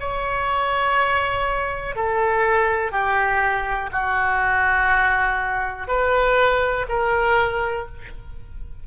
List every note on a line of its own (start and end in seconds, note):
0.00 1.96 C#5
1.96 2.92 A4
2.92 3.90 G4
3.92 5.88 F#4
5.88 6.86 B4
6.89 7.87 A#4